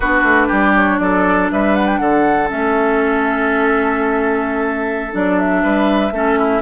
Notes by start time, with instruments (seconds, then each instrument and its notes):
0.00 bassoon B3, clarinet D4, oboe F#4, flute B4
0.23 bassoon A3
0.47 bassoon G3, oboe G4
0.75 flute C#5
0.99 bassoon F#3, oboe A4, flute D5
1.51 bassoon G3, oboe B4, flute E5
1.75 flute F#5
1.87 flute G5
1.97 bassoon D3, oboe A4, flute F#5
2.48 bassoon A3, clarinet C#4, flute E5
5.11 bassoon F#3, clarinet D4, flute D5
5.39 flute E5
5.62 bassoon G3, oboe B4
6.11 bassoon A3, clarinet C#4, oboe A4
6.38 oboe E4